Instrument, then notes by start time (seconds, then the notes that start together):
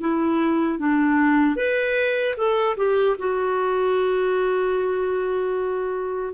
clarinet
0.00 E4
0.78 D4
1.55 B4
2.37 A4
2.77 G4
3.18 F#4